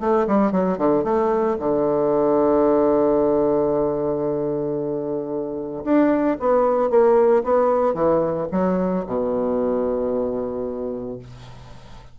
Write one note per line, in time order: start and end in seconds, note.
0.00 0.27 A3
0.27 0.51 G3
0.51 0.78 F#3
0.78 1.04 D3
1.04 1.57 A3
1.59 5.84 D3
5.84 6.37 D4
6.40 6.90 B3
6.90 7.43 A#3
7.44 7.94 B3
7.94 8.47 E3
8.51 9.04 F#3
9.06 11.18 B2